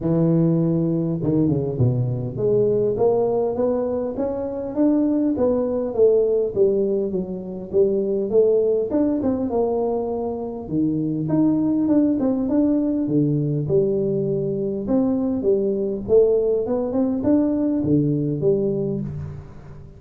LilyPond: \new Staff \with { instrumentName = "tuba" } { \time 4/4 \tempo 4 = 101 e2 dis8 cis8 b,4 | gis4 ais4 b4 cis'4 | d'4 b4 a4 g4 | fis4 g4 a4 d'8 c'8 |
ais2 dis4 dis'4 | d'8 c'8 d'4 d4 g4~ | g4 c'4 g4 a4 | b8 c'8 d'4 d4 g4 | }